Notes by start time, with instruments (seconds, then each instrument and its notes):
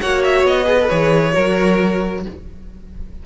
0.00 cello A#3, viola F#4, violin C#5 F#5
0.23 violin E5
0.43 cello B3, violin D#5
0.65 viola G#4, violin B4
0.80 viola A4
0.89 cello E3, viola G#4, violin C#5
1.33 cello F#3, viola F#4, violin A#4